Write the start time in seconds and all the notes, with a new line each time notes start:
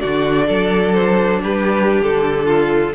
0.00 D3 D4 F#4 D5
0.48 F#3 A4
0.94 C5
1.43 G3 G4 B4
2.01 D3 A4
2.46 F4